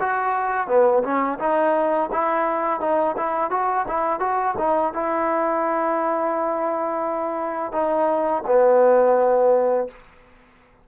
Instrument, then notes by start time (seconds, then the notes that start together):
trombone
0.00 F#4
0.68 B3
1.03 C#4
1.39 D#4
2.12 E4
2.80 D#4
3.17 E4
3.51 F#4
3.88 E4
4.20 F#4
4.59 D#4
4.93 E4
7.72 D#4
8.47 B3